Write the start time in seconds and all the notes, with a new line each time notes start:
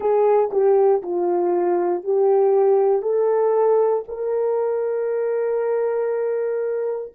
0.00 G#4
0.51 G4
1.02 F4
2.03 G4
3.02 A4
4.07 A#4